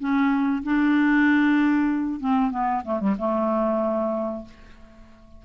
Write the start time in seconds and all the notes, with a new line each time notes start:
0.00 C#4
0.63 D4
2.20 C4
2.51 B3
2.85 A3
3.00 G3
3.19 A3